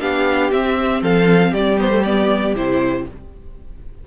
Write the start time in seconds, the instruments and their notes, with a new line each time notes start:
0.00 cello B3, viola D4, violin G4 F5
0.51 viola C4, cello C4, violin E5
1.01 cello F3, violin A4 F5
1.51 cello G3, violin G4 D5
1.78 viola B3, violin C5
1.90 viola A3
2.03 viola B3, violin D5
2.54 cello C3, viola E4, violin C5